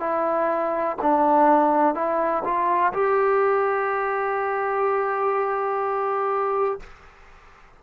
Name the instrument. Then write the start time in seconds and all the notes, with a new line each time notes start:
trombone
0.00 E4
1.02 D4
1.94 E4
2.44 F4
2.93 G4